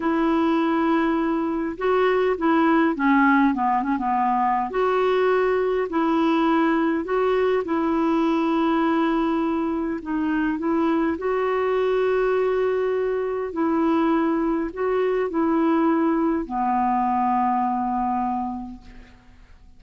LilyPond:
\new Staff \with { instrumentName = "clarinet" } { \time 4/4 \tempo 4 = 102 e'2. fis'4 | e'4 cis'4 b8 cis'16 b4~ b16 | fis'2 e'2 | fis'4 e'2.~ |
e'4 dis'4 e'4 fis'4~ | fis'2. e'4~ | e'4 fis'4 e'2 | b1 | }